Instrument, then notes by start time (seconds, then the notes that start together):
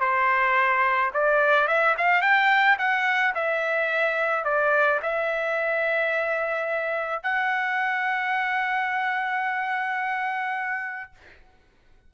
trumpet
0.00 C5
1.14 D5
1.67 E5
1.98 F5
2.22 G5
2.78 F#5
3.35 E5
4.44 D5
5.03 E5
7.23 F#5